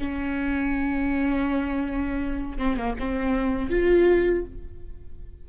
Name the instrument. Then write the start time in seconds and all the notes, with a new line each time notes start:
viola
0.00 C#4
2.59 C4
2.77 A#3
3.00 C4
3.71 F4